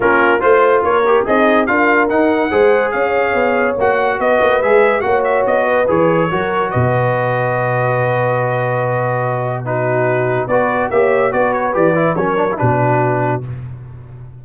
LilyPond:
<<
  \new Staff \with { instrumentName = "trumpet" } { \time 4/4 \tempo 4 = 143 ais'4 c''4 cis''4 dis''4 | f''4 fis''2 f''4~ | f''4 fis''4 dis''4 e''4 | fis''8 e''8 dis''4 cis''2 |
dis''1~ | dis''2. b'4~ | b'4 d''4 e''4 d''8 cis''8 | d''4 cis''4 b'2 | }
  \new Staff \with { instrumentName = "horn" } { \time 4/4 f'4 c''4 ais'4 dis'4 | ais'2 c''4 cis''4~ | cis''2 b'2 | cis''4. b'4. ais'4 |
b'1~ | b'2. fis'4~ | fis'4 b'4 cis''4 b'4~ | b'4 ais'4 fis'2 | }
  \new Staff \with { instrumentName = "trombone" } { \time 4/4 cis'4 f'4. g'8 gis'4 | f'4 dis'4 gis'2~ | gis'4 fis'2 gis'4 | fis'2 gis'4 fis'4~ |
fis'1~ | fis'2. dis'4~ | dis'4 fis'4 g'4 fis'4 | g'8 e'8 cis'8 d'16 e'16 d'2 | }
  \new Staff \with { instrumentName = "tuba" } { \time 4/4 ais4 a4 ais4 c'4 | d'4 dis'4 gis4 cis'4 | b4 ais4 b8 ais8 gis4 | ais4 b4 e4 fis4 |
b,1~ | b,1~ | b,4 b4 ais4 b4 | e4 fis4 b,2 | }
>>